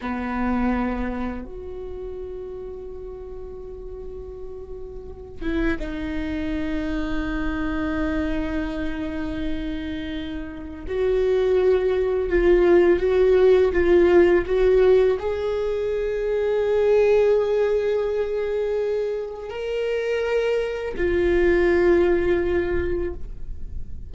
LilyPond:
\new Staff \with { instrumentName = "viola" } { \time 4/4 \tempo 4 = 83 b2 fis'2~ | fis'2.~ fis'8 e'8 | dis'1~ | dis'2. fis'4~ |
fis'4 f'4 fis'4 f'4 | fis'4 gis'2.~ | gis'2. ais'4~ | ais'4 f'2. | }